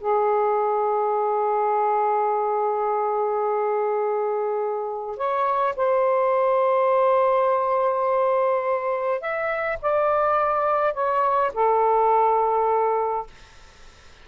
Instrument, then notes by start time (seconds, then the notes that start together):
saxophone
0.00 G#4
5.17 C#5
5.76 C5
9.21 E5
9.82 D5
10.94 C#5
11.54 A4